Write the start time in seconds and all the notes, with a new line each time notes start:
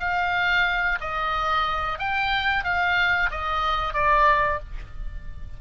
0.00 F5
1.00 D#5
1.99 G5
2.64 F5
3.31 D#5
3.94 D5